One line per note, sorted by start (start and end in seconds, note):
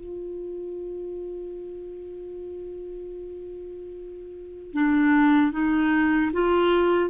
0.00 4.73 F4
4.73 5.52 D4
5.52 6.31 D#4
6.33 7.10 F4